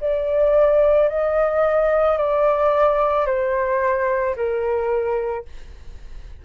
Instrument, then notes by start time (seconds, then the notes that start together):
flute
0.00 D5
1.08 D#5
2.17 D5
3.26 C5
4.35 A#4